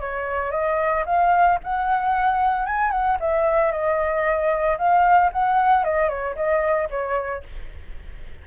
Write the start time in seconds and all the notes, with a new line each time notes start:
0.00 C#5
0.51 D#5
1.06 F5
1.64 F#5
2.66 G#5
2.91 F#5
3.20 E5
3.72 D#5
4.78 F5
5.32 F#5
5.84 D#5
6.09 C#5
6.35 D#5
6.90 C#5